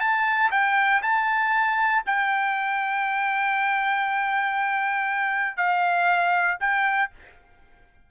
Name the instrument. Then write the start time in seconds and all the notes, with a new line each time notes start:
trumpet
0.00 A5
0.51 G5
1.02 A5
2.06 G5
5.56 F5
6.60 G5